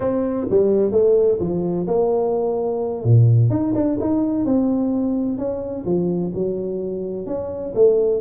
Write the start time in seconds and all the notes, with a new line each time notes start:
0.00 C4
0.50 G3
0.91 A3
1.40 F3
1.87 A#3
3.04 A#2
3.49 D#4
3.74 D4
4.00 D#4
4.45 C4
5.37 C#4
5.85 F3
6.33 F#3
7.26 C#4
7.75 A3